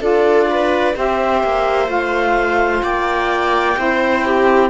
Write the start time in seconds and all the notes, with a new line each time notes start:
0.00 D4 F4 A4 D5
0.50 B4
0.96 C4 G4 C5 E5
1.43 A#3
1.87 A3 F4 F5
2.83 A#3 D5 G5
3.76 C4 E4 C5
4.25 G4